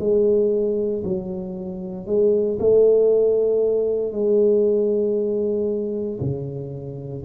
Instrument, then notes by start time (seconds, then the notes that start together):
tuba
0.00 G#3
1.04 F#3
2.06 G#3
2.60 A3
4.12 G#3
6.20 C#3